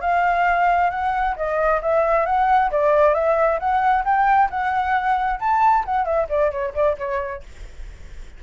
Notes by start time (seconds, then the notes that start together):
0.00 F5
0.90 F#5
1.36 D#5
1.82 E5
2.26 F#5
2.71 D5
3.14 E5
3.59 F#5
4.04 G5
4.50 F#5
5.39 A5
5.85 F#5
6.05 E5
6.28 D5
6.51 C#5
6.74 D5
6.98 C#5